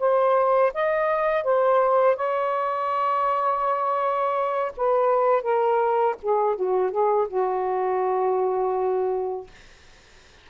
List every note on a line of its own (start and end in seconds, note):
0.00 0.73 C5
0.74 1.44 D#5
1.44 2.17 C5
2.17 4.73 C#5
4.77 5.42 B4
5.42 6.16 A#4
6.22 6.56 G#4
6.56 6.91 F#4
6.91 7.28 G#4
7.28 9.48 F#4